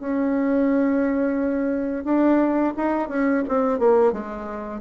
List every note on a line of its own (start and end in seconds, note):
0.00 2.05 C#4
2.05 2.74 D4
2.77 3.09 D#4
3.09 3.44 C#4
3.49 3.79 C4
3.79 4.13 A#3
4.13 4.81 G#3